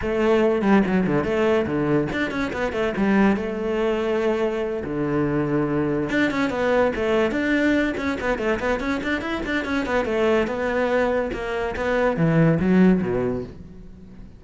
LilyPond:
\new Staff \with { instrumentName = "cello" } { \time 4/4 \tempo 4 = 143 a4. g8 fis8 d8 a4 | d4 d'8 cis'8 b8 a8 g4 | a2.~ a8 d8~ | d2~ d8 d'8 cis'8 b8~ |
b8 a4 d'4. cis'8 b8 | a8 b8 cis'8 d'8 e'8 d'8 cis'8 b8 | a4 b2 ais4 | b4 e4 fis4 b,4 | }